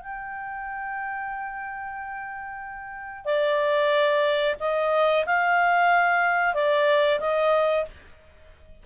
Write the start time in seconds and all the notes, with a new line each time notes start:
0.00 G5
3.25 D5
4.60 D#5
5.26 F5
6.55 D5
7.20 D#5